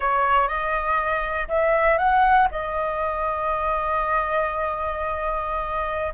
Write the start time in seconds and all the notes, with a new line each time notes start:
0.00 C#5
0.48 D#5
1.48 E5
1.97 F#5
2.51 D#5